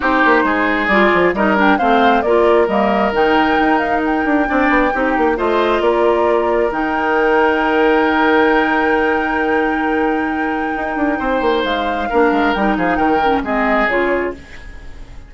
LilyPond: <<
  \new Staff \with { instrumentName = "flute" } { \time 4/4 \tempo 4 = 134 c''2 d''4 dis''8 g''8 | f''4 d''4 dis''4 g''4~ | g''8 f''8 g''2. | dis''4 d''2 g''4~ |
g''1~ | g''1~ | g''2 f''2 | g''8 f''8 g''4 dis''4 cis''4 | }
  \new Staff \with { instrumentName = "oboe" } { \time 4/4 g'4 gis'2 ais'4 | c''4 ais'2.~ | ais'2 d''4 g'4 | c''4 ais'2.~ |
ais'1~ | ais'1~ | ais'4 c''2 ais'4~ | ais'8 gis'8 ais'4 gis'2 | }
  \new Staff \with { instrumentName = "clarinet" } { \time 4/4 dis'2 f'4 dis'8 d'8 | c'4 f'4 ais4 dis'4~ | dis'2 d'4 dis'4 | f'2. dis'4~ |
dis'1~ | dis'1~ | dis'2. d'4 | dis'4. cis'8 c'4 f'4 | }
  \new Staff \with { instrumentName = "bassoon" } { \time 4/4 c'8 ais8 gis4 g8 f8 g4 | a4 ais4 g4 dis4 | dis'4. d'8 c'8 b8 c'8 ais8 | a4 ais2 dis4~ |
dis1~ | dis1 | dis'8 d'8 c'8 ais8 gis4 ais8 gis8 | g8 f8 dis4 gis4 cis4 | }
>>